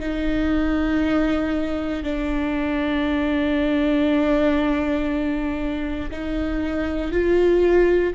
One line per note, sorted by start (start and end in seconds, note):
0.00 2.03 D#4
2.03 6.10 D4
6.11 7.12 D#4
7.12 8.14 F4